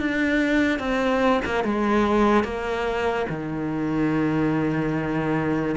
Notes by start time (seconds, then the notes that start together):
0.00 D4
0.79 C4
1.45 A#3
1.64 G#3
2.44 A#3
3.30 D#3